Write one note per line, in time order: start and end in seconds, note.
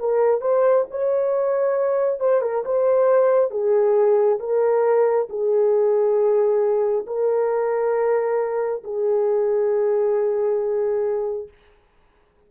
0.00 0.42 A#4
0.42 0.86 C5
0.91 2.20 C#5
2.20 2.42 C5
2.42 2.64 A#4
2.66 3.51 C5
3.51 4.39 G#4
4.40 5.28 A#4
5.30 7.06 G#4
7.07 8.84 A#4
8.84 11.49 G#4